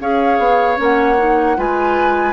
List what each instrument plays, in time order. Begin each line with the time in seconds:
0.00 bassoon C#4, clarinet G#4, oboe C#5, flute F5
0.38 bassoon B3
0.76 bassoon A#3, clarinet C#4, flute F#5
1.18 clarinet D#4
1.56 bassoon G#3, clarinet F4, oboe B4, flute G#5